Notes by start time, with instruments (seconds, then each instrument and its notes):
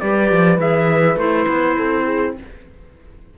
0.00 cello G3, clarinet G4, horn B4, trumpet D5
0.32 cello F3
0.58 cello E3, clarinet G#4, trumpet E5
1.16 cello A3, clarinet E4, trumpet C5
1.49 cello B3
1.76 cello C4, horn A4
2.05 horn G#4